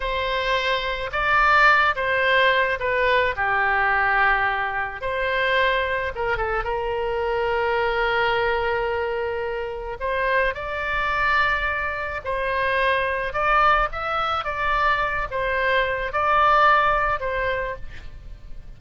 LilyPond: \new Staff \with { instrumentName = "oboe" } { \time 4/4 \tempo 4 = 108 c''2 d''4. c''8~ | c''4 b'4 g'2~ | g'4 c''2 ais'8 a'8 | ais'1~ |
ais'2 c''4 d''4~ | d''2 c''2 | d''4 e''4 d''4. c''8~ | c''4 d''2 c''4 | }